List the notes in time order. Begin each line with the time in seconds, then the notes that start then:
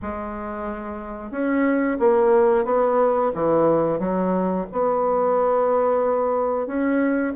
0.02 G#3
1.31 C#4
1.99 A#3
2.65 B3
3.34 E3
3.99 F#3
4.72 B3
6.66 C#4